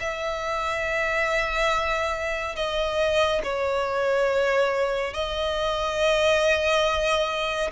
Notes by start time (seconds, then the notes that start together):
0.00 E5
2.56 D#5
3.43 C#5
5.14 D#5